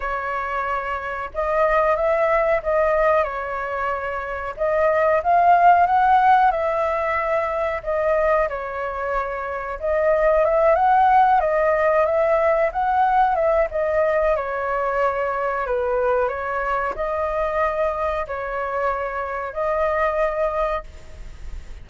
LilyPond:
\new Staff \with { instrumentName = "flute" } { \time 4/4 \tempo 4 = 92 cis''2 dis''4 e''4 | dis''4 cis''2 dis''4 | f''4 fis''4 e''2 | dis''4 cis''2 dis''4 |
e''8 fis''4 dis''4 e''4 fis''8~ | fis''8 e''8 dis''4 cis''2 | b'4 cis''4 dis''2 | cis''2 dis''2 | }